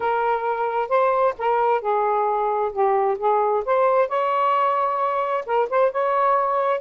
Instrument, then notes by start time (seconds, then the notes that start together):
saxophone
0.00 A#4
0.88 C5
1.38 A#4
1.81 G#4
2.72 G4
3.18 G#4
3.65 C5
4.08 C#5
5.46 A#4
5.69 C5
5.91 C#5